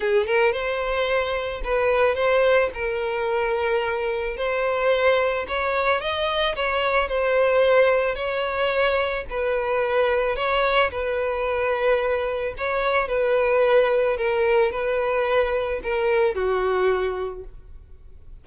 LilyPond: \new Staff \with { instrumentName = "violin" } { \time 4/4 \tempo 4 = 110 gis'8 ais'8 c''2 b'4 | c''4 ais'2. | c''2 cis''4 dis''4 | cis''4 c''2 cis''4~ |
cis''4 b'2 cis''4 | b'2. cis''4 | b'2 ais'4 b'4~ | b'4 ais'4 fis'2 | }